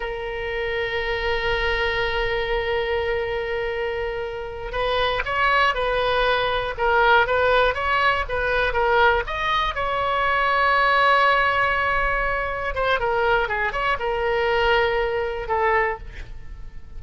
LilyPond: \new Staff \with { instrumentName = "oboe" } { \time 4/4 \tempo 4 = 120 ais'1~ | ais'1~ | ais'4. b'4 cis''4 b'8~ | b'4. ais'4 b'4 cis''8~ |
cis''8 b'4 ais'4 dis''4 cis''8~ | cis''1~ | cis''4. c''8 ais'4 gis'8 cis''8 | ais'2. a'4 | }